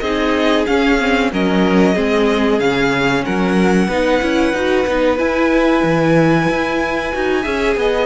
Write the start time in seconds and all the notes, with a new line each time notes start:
0.00 C4 D#4 G#4 D#5
0.66 C#4 F5
1.00 C4
1.32 F#3 C#4 A#4 D#5
1.94 G#3 C4 G#4
2.59 C#3 C#4 F5
3.25 F#3 A#4 F#5
3.88 B3 D#4 B4
4.22 C#4 E4
4.53 D#4 F#4
4.86 B3 D#4
5.17 E4 G#5
5.83 E3
6.49 E4
7.12 D#4 F#4
7.42 C#4 G#4 E5
7.76 B3 D#5